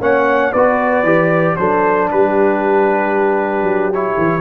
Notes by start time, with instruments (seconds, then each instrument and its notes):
0.00 tuba A#3, trombone C#4, horn C#5, trumpet F#5
0.51 tuba B3, trombone F#4, horn B4, trumpet D5
1.03 tuba E3, trombone G4
1.56 tuba F#3, trombone D4, horn A4, trumpet C5
2.10 tuba G3, horn G4, trumpet B4
3.62 tuba F#3
3.93 trombone E4, trumpet C#5
4.17 tuba E3